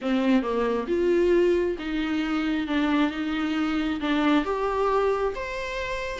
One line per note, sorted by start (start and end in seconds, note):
0.01 0.42 C4
0.42 0.86 A#3
0.87 1.76 F4
1.79 2.67 D#4
2.67 3.11 D4
3.11 3.99 D#4
4.00 4.44 D4
4.44 5.33 G4
5.35 6.19 C5